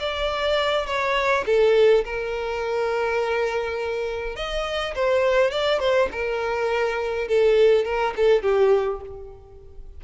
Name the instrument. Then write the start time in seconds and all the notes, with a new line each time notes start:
violin
0.00 D5
0.87 C#5
1.47 A4
2.05 A#4
4.36 D#5
4.96 C5
5.51 D5
5.80 C5
6.12 A#4
7.28 A4
7.85 A#4
8.17 A4
8.43 G4